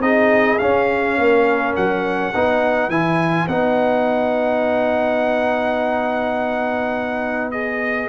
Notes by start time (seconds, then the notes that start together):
0.00 C4 D#4 G#4 D#5
0.59 C#4 F5
1.18 A#3 A#4
1.76 F#3 F#5
2.35 B3 D#4 B4
2.89 E3 E4 G#5
3.48 B3 D#4 F#5
7.52 G#4 D#5